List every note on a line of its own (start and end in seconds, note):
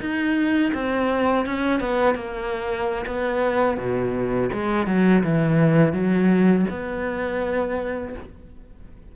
0.00 0.72 D#4
0.74 1.46 C4
1.46 1.80 C#4
1.80 2.15 B3
2.15 3.05 A#3
3.06 3.78 B3
3.78 4.50 B2
4.53 4.87 G#3
4.87 5.23 F#3
5.23 5.93 E3
5.93 6.65 F#3
6.70 8.14 B3